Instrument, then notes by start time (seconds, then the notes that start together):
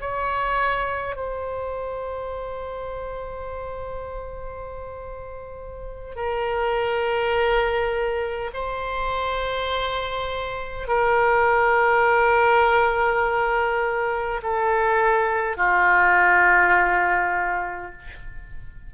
oboe
0.00 C#5
1.16 C5
6.16 A#4
8.53 C5
10.88 A#4
14.43 A4
15.57 F4